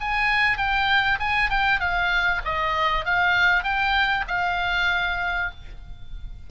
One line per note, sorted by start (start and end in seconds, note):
0.00 0.57 G#5
0.57 1.19 G5
1.19 1.50 G#5
1.50 1.79 G5
1.79 2.41 F5
2.45 3.05 D#5
3.05 3.63 F5
3.63 4.24 G5
4.27 5.50 F5